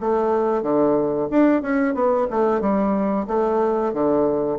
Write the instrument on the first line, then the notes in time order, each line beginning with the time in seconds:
bassoon
0.00 A3
0.62 D3
1.30 D4
1.62 C#4
1.94 B3
2.30 A3
2.60 G3
3.27 A3
3.93 D3